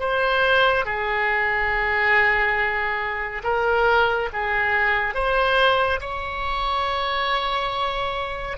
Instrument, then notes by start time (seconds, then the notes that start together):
oboe
0.00 C5
0.85 G#4
3.44 A#4
4.33 G#4
5.15 C5
6.00 C#5